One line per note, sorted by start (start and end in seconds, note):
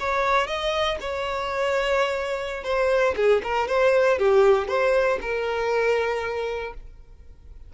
0.00 0.47 C#5
0.47 0.98 D#5
1.01 2.64 C#5
2.64 3.15 C5
3.16 3.42 G#4
3.43 3.68 A#4
3.68 4.19 C5
4.19 4.68 G4
4.68 5.19 C5
5.21 6.74 A#4